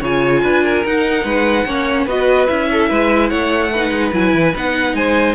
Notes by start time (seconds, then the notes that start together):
0.00 C#3 F4 C#5 G#5
0.43 D4 B4
0.64 A#4
0.85 D#4 F#5
1.24 G#3 B4
1.65 A#3 C#4 C#5
2.06 B3 F#4 B4 D#5
2.47 C#4 E4 E5
2.71 A4
2.89 G#3 B4
3.29 A3 C#5 F#5
3.72 D#4 B4
3.91 G#3
4.13 F#3 E4 G#5
4.34 E3
4.55 B3 D#4 F#5
4.94 G#3 C5 G#5